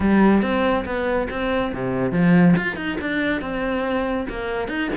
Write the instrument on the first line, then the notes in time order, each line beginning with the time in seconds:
cello
0.00 G3
0.41 C4
0.85 B3
1.30 C4
1.73 C3
2.11 F3
2.56 F4
2.76 D#4
3.00 D4
3.41 C4
4.29 A#3
4.68 D#4